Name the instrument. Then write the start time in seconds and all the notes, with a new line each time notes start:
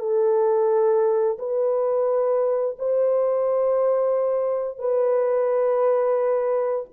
horn
0.00 A4
1.39 B4
2.79 C5
4.79 B4